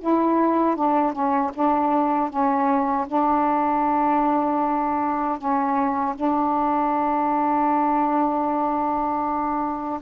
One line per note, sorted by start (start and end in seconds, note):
0.00 0.75 E4
0.75 1.12 D4
1.12 1.51 C#4
1.54 2.29 D4
2.29 3.06 C#4
3.07 5.38 D4
5.38 6.15 C#4
6.15 9.99 D4